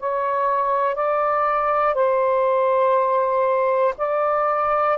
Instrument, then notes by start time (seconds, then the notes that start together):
saxophone
0.00 C#5
0.95 D5
1.95 C5
3.98 D5